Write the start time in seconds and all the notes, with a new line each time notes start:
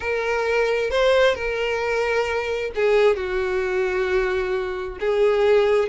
0.00 A#4
0.90 C5
1.35 A#4
2.75 G#4
3.16 F#4
5.00 G#4